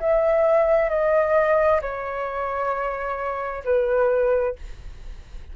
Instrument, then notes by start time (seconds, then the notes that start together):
flute
0.00 E5
0.90 D#5
1.81 C#5
3.64 B4